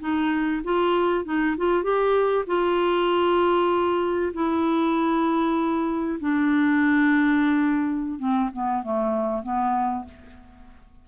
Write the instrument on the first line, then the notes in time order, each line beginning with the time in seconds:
clarinet
0.00 D#4
0.64 F4
1.25 D#4
1.57 F4
1.83 G4
2.47 F4
4.34 E4
6.20 D4
8.19 C4
8.53 B3
8.83 A3
9.43 B3